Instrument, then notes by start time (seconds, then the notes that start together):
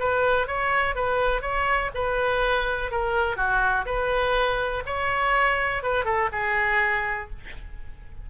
oboe
0.00 B4
0.48 C#5
0.96 B4
1.42 C#5
1.95 B4
2.92 A#4
3.37 F#4
3.86 B4
4.86 C#5
5.83 B4
6.05 A4
6.32 G#4